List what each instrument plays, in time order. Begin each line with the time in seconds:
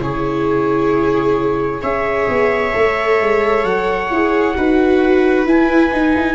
0.00 tuba C#3, viola E4 G#4, trumpet C#5
1.82 tuba C#4, viola G#4 C#5, trumpet E5
2.29 tuba B3
2.73 tuba A3, viola A4
3.21 tuba G#3
3.64 tuba F#3, trumpet F#5
4.10 tuba E4, viola G#4
4.55 tuba D#4, viola F#4 B4
5.46 viola E4, tuba E4, trumpet G#5
5.92 viola D#4, tuba D#4
6.15 tuba E4